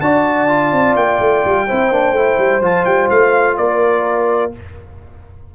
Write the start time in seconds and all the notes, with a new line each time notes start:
0.00 D4 F#4 D5 A5
0.48 F4
0.71 C4
0.95 A#3 G5
1.19 A3
1.45 G3
1.67 C4 E4 C5
1.90 A#3 D4
2.12 A3 E4
2.37 G3
2.60 F3 F4 A5
2.85 G3 G5
3.09 A3 F5
3.57 A#3 A#4 D5